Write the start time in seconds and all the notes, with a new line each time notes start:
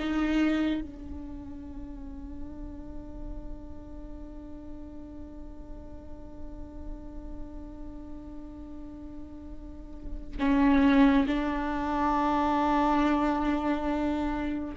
0.00 D#4
0.81 D4
10.40 C#4
11.28 D4